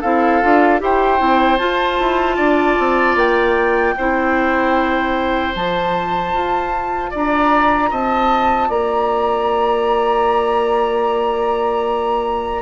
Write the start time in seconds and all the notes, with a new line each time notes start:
0.00 C4 E4 A4 F5
0.41 D4 F4
0.79 E4 G4 C5 G5
1.18 C4 E4
1.57 F4 A5
1.99 E4
2.36 D4 D5
2.78 C4
3.15 A#3 G5
3.97 C4 E4 C5
5.52 F3 F4 A5
6.33 F4
7.10 D4 D5 A#5
7.90 C4 D#5 A5
8.68 A#3 D5 A#5